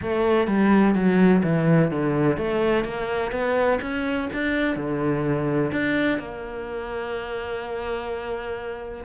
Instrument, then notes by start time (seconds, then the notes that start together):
cello
0.02 A3
0.47 G3
0.95 F#3
1.43 E3
1.90 D3
2.37 A3
2.84 A#3
3.31 B3
3.81 C#4
4.33 D4
4.76 D3
5.71 D4
6.18 A#3